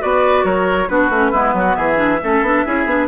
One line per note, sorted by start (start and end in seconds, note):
0.00 0.44 B3
0.00 0.88 F#4
0.00 0.45 B4
0.00 0.45 D5
0.44 0.88 F#3
0.44 0.89 A#4
0.44 0.88 C#5
0.88 1.10 B3
0.88 1.10 D4
0.88 1.31 F#4
0.88 1.75 B4
1.10 1.32 A3
1.10 1.33 C#4
1.31 1.54 G#3
1.31 1.96 B3
1.31 1.53 E4
1.54 1.76 F#3
1.54 1.76 F#4
1.75 2.21 E3
1.75 2.21 G#4
1.75 3.07 E5
1.96 2.18 D4
2.23 2.42 A3
2.23 2.45 C#4
2.23 2.66 A4
2.42 2.64 B3
2.42 2.66 D4
2.66 2.86 C#4
2.66 2.88 E4
2.66 3.08 G#4
2.86 3.08 B3
2.86 3.08 D4